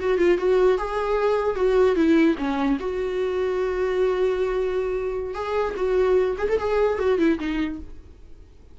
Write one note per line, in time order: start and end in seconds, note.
0.00 0.19 F#4
0.19 0.38 F4
0.38 0.78 F#4
0.79 1.56 G#4
1.56 1.96 F#4
1.96 2.36 E4
2.39 2.79 C#4
2.80 5.35 F#4
5.35 5.75 G#4
5.77 6.37 F#4
6.38 6.48 G#4
6.49 6.59 A4
6.59 6.99 G#4
6.99 7.19 F#4
7.19 7.39 E4
7.40 7.80 D#4